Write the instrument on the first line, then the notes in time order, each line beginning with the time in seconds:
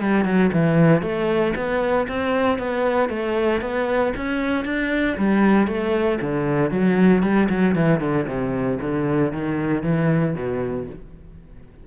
cello
0.00 G3
0.24 F#3
0.52 E3
1.02 A3
1.55 B3
2.08 C4
2.58 B3
3.09 A3
3.61 B3
4.16 C#4
4.65 D4
5.17 G3
5.67 A3
6.20 D3
6.71 F#3
7.22 G3
7.49 F#3
7.75 E3
8.00 D3
8.27 C3
8.80 D3
9.32 D#3
9.83 E3
10.34 B2